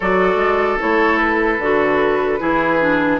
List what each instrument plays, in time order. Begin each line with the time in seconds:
0.00 bassoon F#3, clarinet F#4, oboe A4, flute D5
0.35 bassoon G#3
0.79 bassoon A3, clarinet E4, flute C#5
1.17 flute B4
1.58 bassoon D3, clarinet F#4
2.39 bassoon E3, clarinet E4, oboe G#4
2.80 clarinet D4